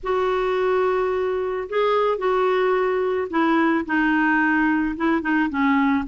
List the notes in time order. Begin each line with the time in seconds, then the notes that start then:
0.03 F#4
1.69 G#4
2.17 F#4
3.30 E4
3.85 D#4
4.96 E4
5.21 D#4
5.49 C#4